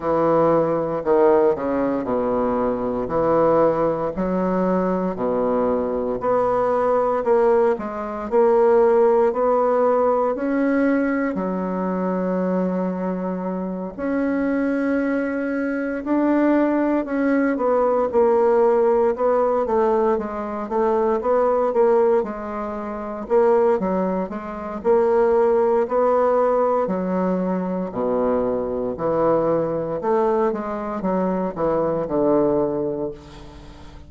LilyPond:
\new Staff \with { instrumentName = "bassoon" } { \time 4/4 \tempo 4 = 58 e4 dis8 cis8 b,4 e4 | fis4 b,4 b4 ais8 gis8 | ais4 b4 cis'4 fis4~ | fis4. cis'2 d'8~ |
d'8 cis'8 b8 ais4 b8 a8 gis8 | a8 b8 ais8 gis4 ais8 fis8 gis8 | ais4 b4 fis4 b,4 | e4 a8 gis8 fis8 e8 d4 | }